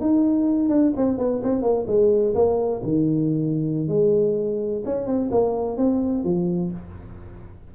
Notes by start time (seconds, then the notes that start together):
0.00 D#4
0.69 D4
0.96 C4
1.18 B3
1.43 C4
1.62 A#3
1.87 G#3
2.35 A#3
2.83 D#3
3.88 G#3
4.85 C#4
5.06 C4
5.31 A#3
5.77 C4
6.24 F3